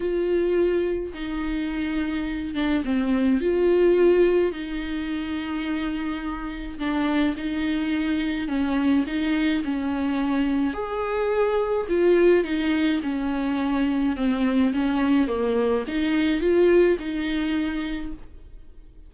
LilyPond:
\new Staff \with { instrumentName = "viola" } { \time 4/4 \tempo 4 = 106 f'2 dis'2~ | dis'8 d'8 c'4 f'2 | dis'1 | d'4 dis'2 cis'4 |
dis'4 cis'2 gis'4~ | gis'4 f'4 dis'4 cis'4~ | cis'4 c'4 cis'4 ais4 | dis'4 f'4 dis'2 | }